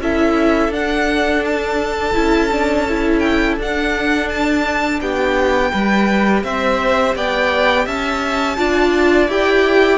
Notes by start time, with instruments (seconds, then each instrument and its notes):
0.00 cello C#4, viola E4, violin A4 E5
0.69 cello D4, viola D4, violin F#5
1.45 violin A5
2.14 cello C#4, viola E4
2.52 viola D4
2.89 viola E4
3.19 violin G5
3.58 cello D4, viola D4, violin F#5
4.29 violin A5
5.01 cello B3, violin G4 G5
5.72 cello G3, viola G4, violin B4
6.44 cello C4, violin C5 E5
7.16 cello B3, violin D5 G5
7.85 cello C#4, violin E5 A5
8.58 cello D4, viola F4, violin D5
9.28 cello E4, viola G4, violin G5